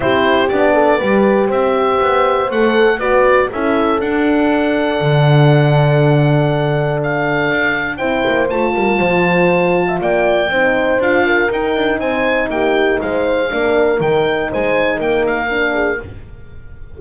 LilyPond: <<
  \new Staff \with { instrumentName = "oboe" } { \time 4/4 \tempo 4 = 120 c''4 d''2 e''4~ | e''4 fis''4 d''4 e''4 | fis''1~ | fis''2 f''2 |
g''4 a''2. | g''2 f''4 g''4 | gis''4 g''4 f''2 | g''4 gis''4 g''8 f''4. | }
  \new Staff \with { instrumentName = "horn" } { \time 4/4 g'4. a'8 b'4 c''4~ | c''2 b'4 a'4~ | a'1~ | a'1 |
c''4. ais'8 c''4.~ c''16 e''16 | d''4 c''4. ais'4. | c''4 g'4 c''4 ais'4~ | ais'4 c''4 ais'4. gis'8 | }
  \new Staff \with { instrumentName = "horn" } { \time 4/4 e'4 d'4 g'2~ | g'4 a'4 fis'4 e'4 | d'1~ | d'1 |
e'4 f'2.~ | f'4 dis'4 f'4 dis'4~ | dis'2. d'4 | dis'2. d'4 | }
  \new Staff \with { instrumentName = "double bass" } { \time 4/4 c'4 b4 g4 c'4 | b4 a4 b4 cis'4 | d'2 d2~ | d2. d'4 |
c'8 ais8 a8 g8 f2 | ais4 c'4 d'4 dis'8 d'8 | c'4 ais4 gis4 ais4 | dis4 gis4 ais2 | }
>>